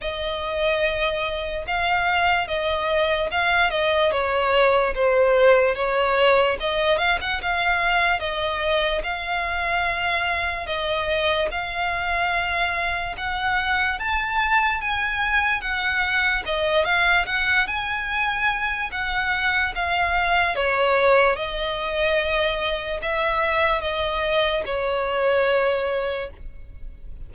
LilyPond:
\new Staff \with { instrumentName = "violin" } { \time 4/4 \tempo 4 = 73 dis''2 f''4 dis''4 | f''8 dis''8 cis''4 c''4 cis''4 | dis''8 f''16 fis''16 f''4 dis''4 f''4~ | f''4 dis''4 f''2 |
fis''4 a''4 gis''4 fis''4 | dis''8 f''8 fis''8 gis''4. fis''4 | f''4 cis''4 dis''2 | e''4 dis''4 cis''2 | }